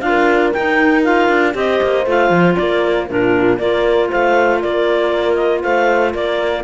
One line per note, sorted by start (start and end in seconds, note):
0.00 0.52 D4
0.00 0.53 F4
0.00 0.51 F5
0.07 1.56 A#4
0.52 1.28 D#4
0.52 1.03 D#4
0.52 1.03 G5
1.03 1.52 F4
1.03 1.54 F5
1.28 1.54 D4
1.52 1.80 C4
1.52 2.03 G4
1.52 2.58 C5
1.52 2.08 D#5
1.82 2.06 A#3
2.06 2.30 A3
2.06 3.08 F4
2.06 2.55 F5
2.30 2.55 F3
2.55 3.10 A#3
2.55 3.09 A#4
2.55 3.06 D5
3.08 3.58 A#2
3.08 3.58 D4
3.08 3.58 F4
3.08 3.58 A#4
3.58 4.09 A#3
3.58 6.64 F4
3.58 4.09 A#4
3.58 4.09 D5
4.09 4.63 A3
4.09 4.60 C5
4.09 4.61 F5
4.61 5.63 A#3
4.61 5.62 A#4
4.61 5.34 D5
5.34 5.60 D#5
5.62 6.13 A3
5.62 6.12 C5
5.62 6.13 F5
6.13 6.64 A#3
6.13 6.64 A#4
6.13 6.64 D5